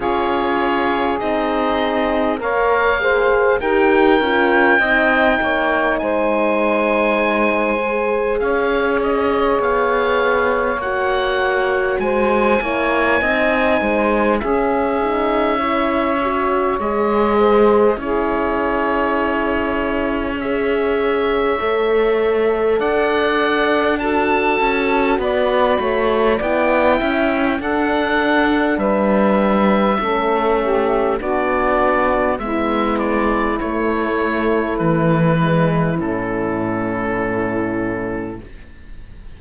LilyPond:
<<
  \new Staff \with { instrumentName = "oboe" } { \time 4/4 \tempo 4 = 50 cis''4 dis''4 f''4 g''4~ | g''4 gis''2 f''8 dis''8 | f''4 fis''4 gis''2 | e''2 dis''4 cis''4~ |
cis''4 e''2 fis''4 | a''4 b''4 g''4 fis''4 | e''2 d''4 e''8 d''8 | cis''4 b'4 a'2 | }
  \new Staff \with { instrumentName = "saxophone" } { \time 4/4 gis'2 cis''8 c''8 ais'4 | dis''8 cis''8 c''2 cis''4~ | cis''2 c''8 cis''8 dis''8 c''8 | gis'4 cis''4. c''8 gis'4~ |
gis'4 cis''2 d''4 | a'4 d''8 cis''8 d''8 e''8 a'4 | b'4 a'8 g'8 fis'4 e'4~ | e'1 | }
  \new Staff \with { instrumentName = "horn" } { \time 4/4 f'4 dis'4 ais'8 gis'8 g'8 f'8 | dis'2~ dis'8 gis'4.~ | gis'4 fis'4. e'8 dis'4 | cis'8 dis'8 e'8 fis'8 gis'4 e'4~ |
e'4 gis'4 a'2 | fis'2 e'4 d'4~ | d'4 cis'4 d'4 b4 | a4. gis8 cis'2 | }
  \new Staff \with { instrumentName = "cello" } { \time 4/4 cis'4 c'4 ais4 dis'8 cis'8 | c'8 ais8 gis2 cis'4 | b4 ais4 gis8 ais8 c'8 gis8 | cis'2 gis4 cis'4~ |
cis'2 a4 d'4~ | d'8 cis'8 b8 a8 b8 cis'8 d'4 | g4 a4 b4 gis4 | a4 e4 a,2 | }
>>